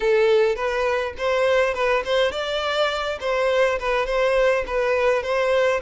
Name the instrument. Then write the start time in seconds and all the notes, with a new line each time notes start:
violin
0.00 A4
0.55 B4
1.17 C5
1.73 B4
2.04 C5
2.31 D5
3.20 C5
3.79 B4
4.06 C5
4.67 B4
5.22 C5